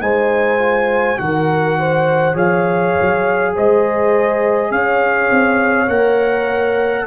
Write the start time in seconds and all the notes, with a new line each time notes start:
0.00 G#3 D#4 C5 G#5
0.59 F4
1.17 D#3 F#4 A#4 F#5
1.79 C5
2.34 F3 G#4 C#5 F5
3.01 F#3
3.54 G#3 C5 D#5
4.71 C#4 C#5 F5
5.31 C4
5.88 A#3 A#4 F#5